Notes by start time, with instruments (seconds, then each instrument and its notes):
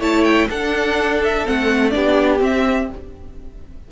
0.00 cello A3, viola E4, violin C#5 A5
0.24 violin G5
0.49 viola D4, cello D4, violin A4 F#5
1.24 violin E5
1.46 cello A3, viola C4, violin F#5
1.90 cello B3, viola D4, violin G4 D5
2.39 viola C4, cello C4, violin E5